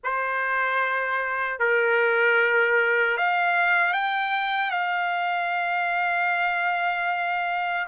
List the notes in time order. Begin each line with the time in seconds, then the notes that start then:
0.03 C5
1.59 A#4
3.17 F5
3.93 G5
4.70 F5